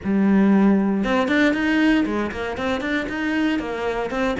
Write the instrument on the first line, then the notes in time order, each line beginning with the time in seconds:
cello
0.03 G3
1.03 C4
1.28 D4
1.53 D#4
2.05 G#3
2.31 A#3
2.57 C4
2.80 D4
3.09 D#4
3.59 A#3
4.10 C4